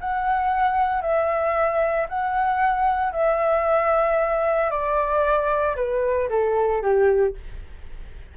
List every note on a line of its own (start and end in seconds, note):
0.00 1.01 F#5
1.01 2.06 E5
2.08 3.12 F#5
3.12 4.70 E5
4.70 5.75 D5
5.76 6.28 B4
6.29 6.82 A4
6.82 7.34 G4